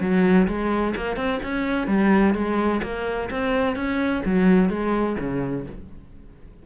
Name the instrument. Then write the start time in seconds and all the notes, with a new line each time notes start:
cello
0.00 F#3
0.47 G#3
0.96 A#3
1.16 C4
1.43 C#4
1.87 G3
2.34 G#3
2.83 A#3
3.30 C4
3.75 C#4
4.25 F#3
4.69 G#3
5.19 C#3